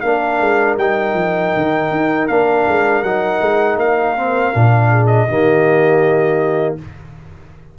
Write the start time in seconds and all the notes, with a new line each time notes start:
0.00 A#3 D4 A#4 F5
0.40 G#3
0.77 G3 D#4 G5
1.14 F3
1.56 D#3
1.91 D#4
2.28 A#3 D4 F5
2.68 G#3
3.03 F#3 D#4 F#5
3.41 G#3
3.76 A#3 F5
4.17 C4
4.53 A#2 D4
4.90 G#4
5.06 D#5
5.28 D#3 A#3 G4